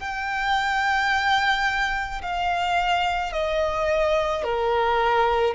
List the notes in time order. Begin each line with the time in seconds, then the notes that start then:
0.00 G5
2.23 F5
3.33 D#5
4.44 A#4